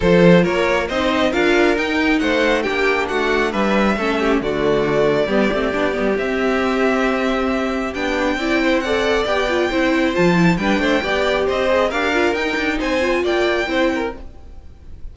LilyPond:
<<
  \new Staff \with { instrumentName = "violin" } { \time 4/4 \tempo 4 = 136 c''4 cis''4 dis''4 f''4 | g''4 fis''4 g''4 fis''4 | e''2 d''2~ | d''2 e''2~ |
e''2 g''2 | fis''4 g''2 a''4 | g''2 dis''4 f''4 | g''4 gis''4 g''2 | }
  \new Staff \with { instrumentName = "violin" } { \time 4/4 a'4 ais'4 c''4 ais'4~ | ais'4 c''4 g'4 fis'4 | b'4 a'8 g'8 fis'2 | g'1~ |
g'2. d''8 c''8 | d''2 c''2 | b'8 c''8 d''4 c''4 ais'4~ | ais'4 c''4 d''4 c''8 ais'8 | }
  \new Staff \with { instrumentName = "viola" } { \time 4/4 f'2 dis'4 f'4 | dis'2 d'2~ | d'4 cis'4 a2 | b8 c'8 d'8 b8 c'2~ |
c'2 d'4 e'4 | a'4 g'8 f'8 e'4 f'8 e'8 | d'4 g'4. gis'8 g'8 f'8 | dis'4. f'4. e'4 | }
  \new Staff \with { instrumentName = "cello" } { \time 4/4 f4 ais4 c'4 d'4 | dis'4 a4 ais4 a4 | g4 a4 d2 | g8 a8 b8 g8 c'2~ |
c'2 b4 c'4~ | c'4 b4 c'4 f4 | g8 a8 b4 c'4 d'4 | dis'8 d'8 c'4 ais4 c'4 | }
>>